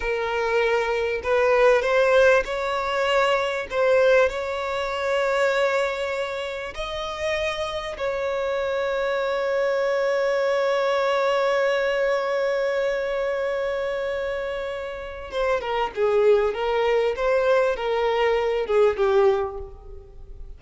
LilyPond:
\new Staff \with { instrumentName = "violin" } { \time 4/4 \tempo 4 = 98 ais'2 b'4 c''4 | cis''2 c''4 cis''4~ | cis''2. dis''4~ | dis''4 cis''2.~ |
cis''1~ | cis''1~ | cis''4 c''8 ais'8 gis'4 ais'4 | c''4 ais'4. gis'8 g'4 | }